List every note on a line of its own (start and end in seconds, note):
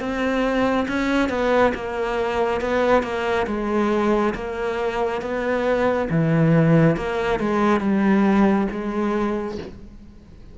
0.00 0.87 C4
0.88 1.29 C#4
1.29 1.73 B3
1.74 2.61 A#3
2.61 3.03 B3
3.03 3.46 A#3
3.47 4.34 G#3
4.34 5.21 A#3
5.21 6.08 B3
6.10 6.96 E3
6.96 7.40 A#3
7.40 7.81 G#3
7.81 8.68 G3
8.71 9.58 G#3